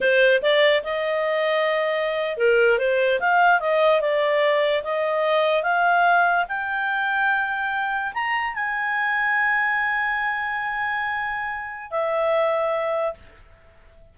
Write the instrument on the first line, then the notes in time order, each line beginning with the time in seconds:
clarinet
0.00 C5
0.42 D5
0.83 D#5
2.37 A#4
2.78 C5
3.20 F5
3.59 D#5
4.00 D5
4.83 D#5
5.63 F5
6.48 G5
8.13 A#5
8.55 G#5
11.90 E5